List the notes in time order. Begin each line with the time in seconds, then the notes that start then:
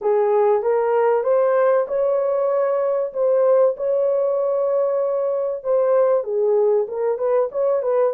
0.01 G#4
0.62 A#4
1.23 C5
1.88 C#5
3.13 C5
3.76 C#5
5.63 C5
6.23 G#4
6.88 A#4
7.17 B4
7.51 C#5
7.82 B4